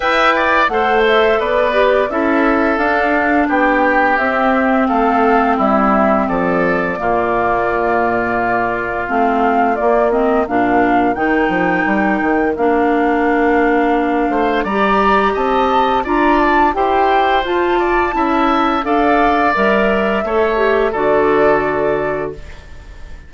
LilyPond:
<<
  \new Staff \with { instrumentName = "flute" } { \time 4/4 \tempo 4 = 86 g''4 fis''8 e''8 d''4 e''4 | f''4 g''4 e''4 f''4 | e''4 d''2.~ | d''4 f''4 d''8 dis''8 f''4 |
g''2 f''2~ | f''4 ais''4 a''4 ais''8 a''8 | g''4 a''2 f''4 | e''2 d''2 | }
  \new Staff \with { instrumentName = "oboe" } { \time 4/4 e''8 d''8 c''4 b'4 a'4~ | a'4 g'2 a'4 | e'4 a'4 f'2~ | f'2. ais'4~ |
ais'1~ | ais'8 c''8 d''4 dis''4 d''4 | c''4. d''8 e''4 d''4~ | d''4 cis''4 a'2 | }
  \new Staff \with { instrumentName = "clarinet" } { \time 4/4 b'4 a'4. g'8 e'4 | d'2 c'2~ | c'2 ais2~ | ais4 c'4 ais8 c'8 d'4 |
dis'2 d'2~ | d'4 g'2 f'4 | g'4 f'4 e'4 a'4 | ais'4 a'8 g'8 fis'2 | }
  \new Staff \with { instrumentName = "bassoon" } { \time 4/4 e'4 a4 b4 cis'4 | d'4 b4 c'4 a4 | g4 f4 ais,2~ | ais,4 a4 ais4 ais,4 |
dis8 f8 g8 dis8 ais2~ | ais8 a8 g4 c'4 d'4 | e'4 f'4 cis'4 d'4 | g4 a4 d2 | }
>>